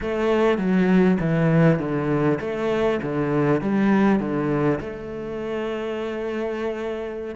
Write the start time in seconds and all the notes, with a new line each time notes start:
0.01 A3
0.58 F#3
1.19 E3
1.79 D3
2.40 A3
3.02 D3
3.61 G3
4.19 D3
4.80 A3